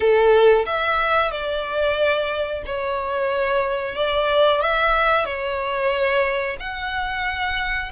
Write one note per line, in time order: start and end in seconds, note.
0.00 0.65 A4
0.66 1.31 E5
1.31 2.63 D5
2.66 3.95 C#5
3.95 4.61 D5
4.61 5.25 E5
5.25 6.57 C#5
6.59 7.91 F#5